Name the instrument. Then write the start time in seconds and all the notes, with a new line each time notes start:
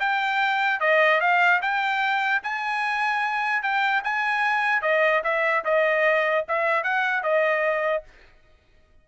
trumpet
0.00 G5
0.80 D#5
1.21 F5
1.62 G5
2.43 G#5
3.63 G5
4.04 G#5
4.82 D#5
5.24 E5
5.65 D#5
6.48 E5
6.83 F#5
7.23 D#5